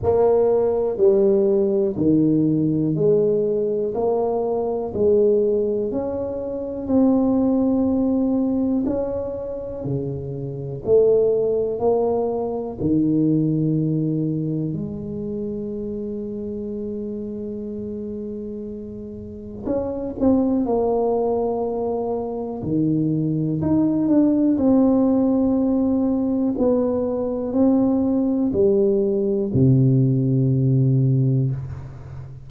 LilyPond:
\new Staff \with { instrumentName = "tuba" } { \time 4/4 \tempo 4 = 61 ais4 g4 dis4 gis4 | ais4 gis4 cis'4 c'4~ | c'4 cis'4 cis4 a4 | ais4 dis2 gis4~ |
gis1 | cis'8 c'8 ais2 dis4 | dis'8 d'8 c'2 b4 | c'4 g4 c2 | }